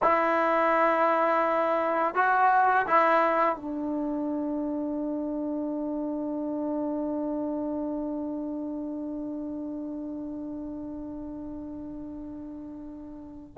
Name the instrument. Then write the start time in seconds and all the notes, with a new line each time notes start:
trombone
0.02 E4
2.15 F#4
2.86 E4
3.56 D4